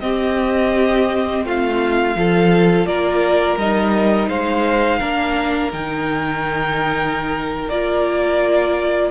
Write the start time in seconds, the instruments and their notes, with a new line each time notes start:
0.00 viola C4, cello C4, violin G4 D#5
1.44 cello A3, violin F4 F5
2.15 cello F3, viola F4, violin A4
2.86 cello A#3, violin A#4 D5
3.57 cello G3, viola D#4, violin D#5
4.28 cello G#3, violin C5 F5
4.99 cello A#3, viola D4, violin A#4
5.72 cello D#3, viola D#4, violin G5
7.68 cello A#3, viola F4, violin D5